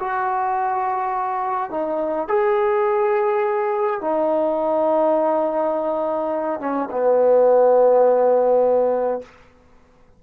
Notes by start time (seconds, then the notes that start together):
0.00 F#4
1.71 D#4
2.29 G#4
4.01 D#4
6.60 C#4
6.91 B3